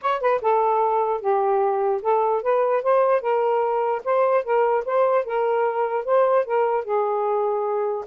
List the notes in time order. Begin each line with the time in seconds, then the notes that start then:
0.01 C#5
0.20 B4
0.41 A4
1.20 G4
2.02 A4
2.42 B4
2.82 C5
3.21 A#4
4.04 C5
4.44 A#4
4.85 C5
5.25 A#4
6.05 C5
6.45 A#4
6.84 G#4